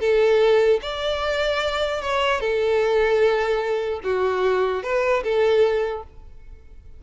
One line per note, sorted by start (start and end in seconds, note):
0.00 0.80 A4
0.82 2.02 D5
2.02 2.40 C#5
2.40 4.00 A4
4.04 4.83 F#4
4.83 5.23 B4
5.23 6.03 A4